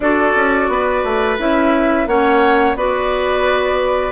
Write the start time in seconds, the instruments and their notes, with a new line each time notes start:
0.00 bassoon D4, clarinet F#4, oboe A4, flute D5
0.35 bassoon C#4
0.68 bassoon B3, oboe B4
1.03 bassoon A3
1.38 bassoon C#4, clarinet E4, flute E5
2.06 bassoon A#3, clarinet C#4, oboe C#5, flute F#5
2.75 bassoon B3, clarinet F#4, oboe B4, flute D5